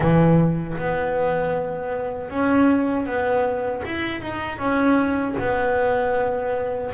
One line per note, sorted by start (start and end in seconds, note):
0.00 0.77 E3
0.77 2.30 B3
2.30 3.06 C#4
3.06 3.83 B3
3.85 4.21 E4
4.21 4.58 D#4
4.58 5.35 C#4
5.38 6.92 B3